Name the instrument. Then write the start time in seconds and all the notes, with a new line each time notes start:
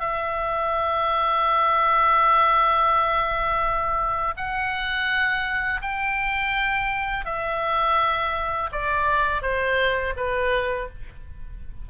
oboe
0.00 E5
4.37 F#5
5.82 G5
7.25 E5
8.72 D5
9.42 C5
10.16 B4